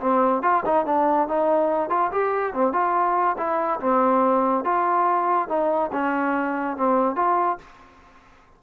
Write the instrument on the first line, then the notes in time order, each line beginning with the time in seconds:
trombone
0.00 C4
0.42 F4
0.65 D#4
0.85 D4
1.28 D#4
1.90 F4
2.12 G4
2.53 C4
2.73 F4
3.37 E4
3.80 C4
4.64 F4
5.48 D#4
5.92 C#4
6.77 C4
7.16 F4